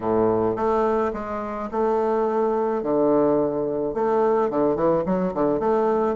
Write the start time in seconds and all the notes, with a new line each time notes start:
0.00 A2
0.56 A3
1.13 G#3
1.71 A3
2.82 D3
3.94 A3
4.50 D3
4.75 E3
5.05 F#3
5.33 D3
5.59 A3